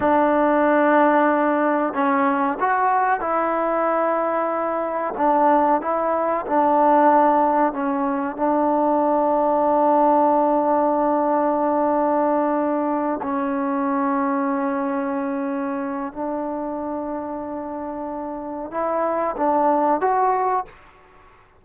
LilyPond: \new Staff \with { instrumentName = "trombone" } { \time 4/4 \tempo 4 = 93 d'2. cis'4 | fis'4 e'2. | d'4 e'4 d'2 | cis'4 d'2.~ |
d'1~ | d'8 cis'2.~ cis'8~ | cis'4 d'2.~ | d'4 e'4 d'4 fis'4 | }